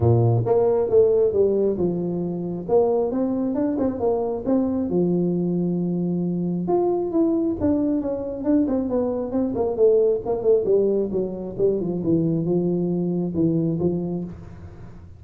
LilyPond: \new Staff \with { instrumentName = "tuba" } { \time 4/4 \tempo 4 = 135 ais,4 ais4 a4 g4 | f2 ais4 c'4 | d'8 c'8 ais4 c'4 f4~ | f2. f'4 |
e'4 d'4 cis'4 d'8 c'8 | b4 c'8 ais8 a4 ais8 a8 | g4 fis4 g8 f8 e4 | f2 e4 f4 | }